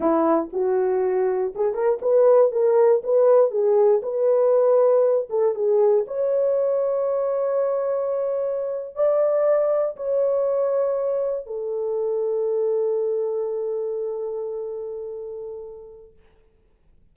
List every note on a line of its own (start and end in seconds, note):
0.00 0.50 E4
0.52 1.53 F#4
1.55 1.74 G#4
1.74 1.99 A#4
2.01 2.51 B4
2.51 3.02 A#4
3.03 3.50 B4
3.50 4.01 G#4
4.02 5.28 B4
5.29 5.54 A4
5.54 6.05 G#4
6.07 8.95 C#5
8.95 9.96 D5
9.96 11.46 C#5
11.46 16.12 A4